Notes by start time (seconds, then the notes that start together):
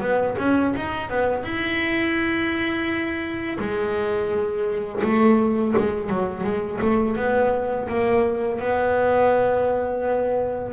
0.00 B3
0.38 C#4
0.76 D#4
1.09 B3
1.44 E4
3.59 G#3
5.03 A3
5.77 G#3
6.09 F#3
6.44 G#3
6.81 A3
7.16 B3
7.88 A#3
8.59 B3